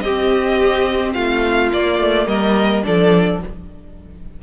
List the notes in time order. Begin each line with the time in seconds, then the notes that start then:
0.00 C4 G4 D#5
1.13 A3 F4 F5
1.72 A#3 D5
1.98 A3
2.26 G3 A#4 D#5
2.83 F3 D4 A4 D5